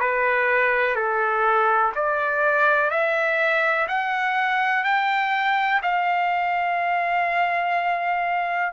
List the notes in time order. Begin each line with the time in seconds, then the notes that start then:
0.00 B4
0.95 A4
1.95 D5
2.90 E5
3.88 F#5
4.84 G5
5.82 F5